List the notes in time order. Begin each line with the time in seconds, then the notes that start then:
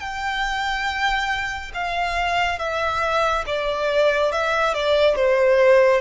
0.00 G5
1.74 F5
2.59 E5
3.46 D5
4.32 E5
4.74 D5
5.15 C5